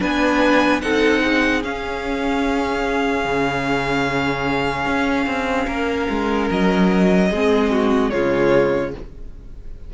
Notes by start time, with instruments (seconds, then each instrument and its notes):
0.00 cello B3, viola D4, violin B4 G#5
0.82 cello C4, viola D#4, violin A4 F#5
1.23 violin G#4
1.64 cello C#4, viola C#4, violin F5
3.25 cello C#3
4.86 cello C#4
5.27 cello C4
5.67 cello A#3, violin A#4
6.10 cello G#3
6.51 cello F#3, violin D#5
7.30 cello G#3, viola C4, violin G#4
7.71 violin F#4
8.10 cello C#3, viola G#3, violin F4 C#5